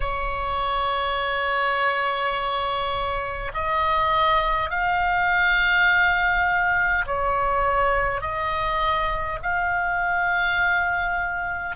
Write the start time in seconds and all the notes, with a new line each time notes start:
0.00 C#5
3.53 D#5
4.70 F5
7.06 C#5
8.21 D#5
9.42 F5